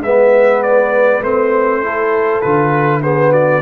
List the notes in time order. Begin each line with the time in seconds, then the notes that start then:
0.00 G#3 B3 B4 E5
0.63 D5
1.22 A3 C4 C5
1.83 E4 A4
2.41 D3 F4 B4
3.02 B3 G#4 C5
3.32 F#4 D5